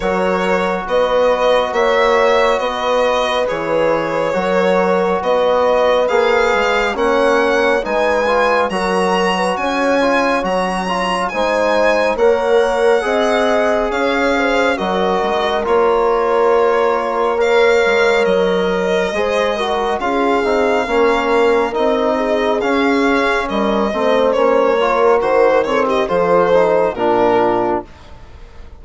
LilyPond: <<
  \new Staff \with { instrumentName = "violin" } { \time 4/4 \tempo 4 = 69 cis''4 dis''4 e''4 dis''4 | cis''2 dis''4 f''4 | fis''4 gis''4 ais''4 gis''4 | ais''4 gis''4 fis''2 |
f''4 dis''4 cis''2 | f''4 dis''2 f''4~ | f''4 dis''4 f''4 dis''4 | cis''4 c''8 cis''16 dis''16 c''4 ais'4 | }
  \new Staff \with { instrumentName = "horn" } { \time 4/4 ais'4 b'4 cis''4 b'4~ | b'4 ais'4 b'2 | cis''4 b'4 ais'8. b'16 cis''4~ | cis''4 c''4 cis''4 dis''4 |
cis''8 c''8 ais'2. | cis''2 c''8 ais'8 gis'4 | ais'4. gis'4. ais'8 c''8~ | c''8 ais'4 a'16 g'16 a'4 f'4 | }
  \new Staff \with { instrumentName = "trombone" } { \time 4/4 fis'1 | gis'4 fis'2 gis'4 | cis'4 dis'8 f'8 fis'4. f'8 | fis'8 f'8 dis'4 ais'4 gis'4~ |
gis'4 fis'4 f'2 | ais'2 gis'8 fis'8 f'8 dis'8 | cis'4 dis'4 cis'4. c'8 | cis'8 f'8 fis'8 c'8 f'8 dis'8 d'4 | }
  \new Staff \with { instrumentName = "bassoon" } { \time 4/4 fis4 b4 ais4 b4 | e4 fis4 b4 ais8 gis8 | ais4 gis4 fis4 cis'4 | fis4 gis4 ais4 c'4 |
cis'4 fis8 gis8 ais2~ | ais8 gis8 fis4 gis4 cis'8 c'8 | ais4 c'4 cis'4 g8 a8 | ais4 dis4 f4 ais,4 | }
>>